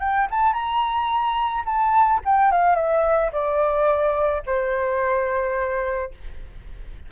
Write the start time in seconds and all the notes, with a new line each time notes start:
0.00 G5
0.31 A5
0.53 A#5
1.65 A5
2.25 G5
2.52 F5
2.75 E5
3.32 D5
4.46 C5